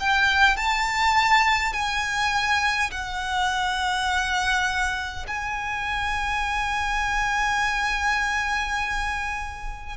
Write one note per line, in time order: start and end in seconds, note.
0.00 0.56 G5
0.56 1.73 A5
1.73 2.90 G#5
2.91 5.26 F#5
5.27 9.97 G#5